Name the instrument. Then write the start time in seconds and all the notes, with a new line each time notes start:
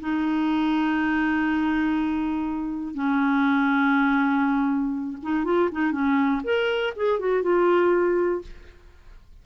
clarinet
0.00 D#4
2.94 C#4
5.22 D#4
5.44 F4
5.72 D#4
5.92 C#4
6.44 A#4
6.96 G#4
7.19 F#4
7.43 F4